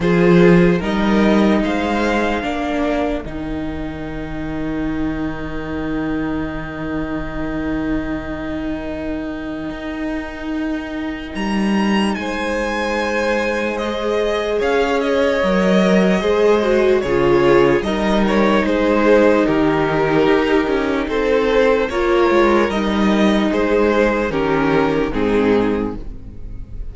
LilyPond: <<
  \new Staff \with { instrumentName = "violin" } { \time 4/4 \tempo 4 = 74 c''4 dis''4 f''2 | g''1~ | g''1~ | g''2 ais''4 gis''4~ |
gis''4 dis''4 f''8 dis''4.~ | dis''4 cis''4 dis''8 cis''8 c''4 | ais'2 c''4 cis''4 | dis''4 c''4 ais'4 gis'4 | }
  \new Staff \with { instrumentName = "violin" } { \time 4/4 gis'4 ais'4 c''4 ais'4~ | ais'1~ | ais'1~ | ais'2. c''4~ |
c''2 cis''2 | c''4 gis'4 ais'4 gis'4 | g'2 a'4 ais'4~ | ais'4 gis'4 g'4 dis'4 | }
  \new Staff \with { instrumentName = "viola" } { \time 4/4 f'4 dis'2 d'4 | dis'1~ | dis'1~ | dis'1~ |
dis'4 gis'2 ais'4 | gis'8 fis'8 f'4 dis'2~ | dis'2. f'4 | dis'2 cis'4 c'4 | }
  \new Staff \with { instrumentName = "cello" } { \time 4/4 f4 g4 gis4 ais4 | dis1~ | dis1 | dis'2 g4 gis4~ |
gis2 cis'4 fis4 | gis4 cis4 g4 gis4 | dis4 dis'8 cis'8 c'4 ais8 gis8 | g4 gis4 dis4 gis,4 | }
>>